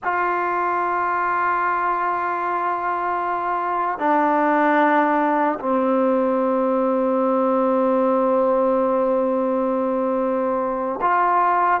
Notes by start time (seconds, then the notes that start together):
0.03 F4
3.98 D4
5.59 C4
11.01 F4